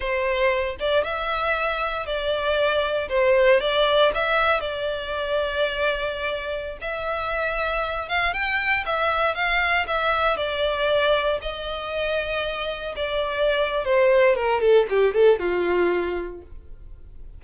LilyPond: \new Staff \with { instrumentName = "violin" } { \time 4/4 \tempo 4 = 117 c''4. d''8 e''2 | d''2 c''4 d''4 | e''4 d''2.~ | d''4~ d''16 e''2~ e''8 f''16~ |
f''16 g''4 e''4 f''4 e''8.~ | e''16 d''2 dis''4.~ dis''16~ | dis''4~ dis''16 d''4.~ d''16 c''4 | ais'8 a'8 g'8 a'8 f'2 | }